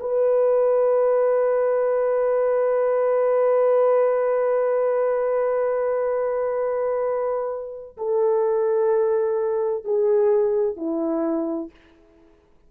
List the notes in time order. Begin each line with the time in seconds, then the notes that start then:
0.00 B4
7.97 A4
9.84 G#4
10.76 E4